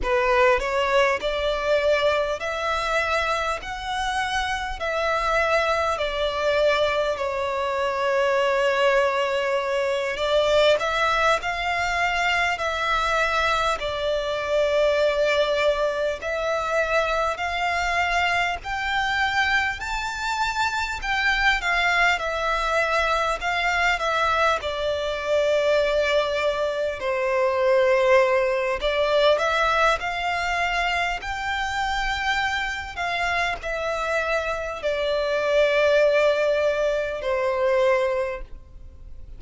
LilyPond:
\new Staff \with { instrumentName = "violin" } { \time 4/4 \tempo 4 = 50 b'8 cis''8 d''4 e''4 fis''4 | e''4 d''4 cis''2~ | cis''8 d''8 e''8 f''4 e''4 d''8~ | d''4. e''4 f''4 g''8~ |
g''8 a''4 g''8 f''8 e''4 f''8 | e''8 d''2 c''4. | d''8 e''8 f''4 g''4. f''8 | e''4 d''2 c''4 | }